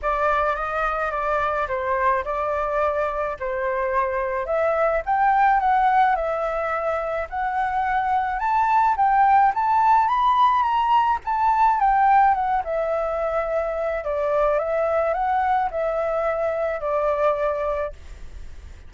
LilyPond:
\new Staff \with { instrumentName = "flute" } { \time 4/4 \tempo 4 = 107 d''4 dis''4 d''4 c''4 | d''2 c''2 | e''4 g''4 fis''4 e''4~ | e''4 fis''2 a''4 |
g''4 a''4 b''4 ais''4 | a''4 g''4 fis''8 e''4.~ | e''4 d''4 e''4 fis''4 | e''2 d''2 | }